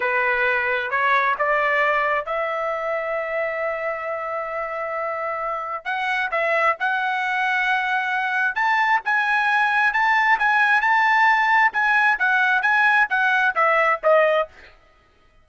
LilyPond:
\new Staff \with { instrumentName = "trumpet" } { \time 4/4 \tempo 4 = 133 b'2 cis''4 d''4~ | d''4 e''2.~ | e''1~ | e''4 fis''4 e''4 fis''4~ |
fis''2. a''4 | gis''2 a''4 gis''4 | a''2 gis''4 fis''4 | gis''4 fis''4 e''4 dis''4 | }